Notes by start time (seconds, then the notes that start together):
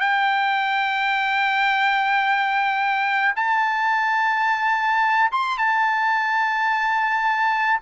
0.00 G5
3.36 A5
5.31 C6
5.58 A5